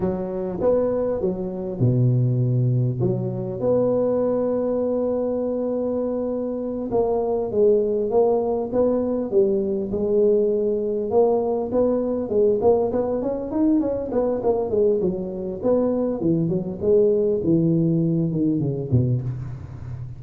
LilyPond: \new Staff \with { instrumentName = "tuba" } { \time 4/4 \tempo 4 = 100 fis4 b4 fis4 b,4~ | b,4 fis4 b2~ | b2.~ b8 ais8~ | ais8 gis4 ais4 b4 g8~ |
g8 gis2 ais4 b8~ | b8 gis8 ais8 b8 cis'8 dis'8 cis'8 b8 | ais8 gis8 fis4 b4 e8 fis8 | gis4 e4. dis8 cis8 b,8 | }